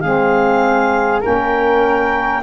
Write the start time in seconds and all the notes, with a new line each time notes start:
0.00 G#3 C4 G#4 F5
1.21 A#3 C#4 A#4 G5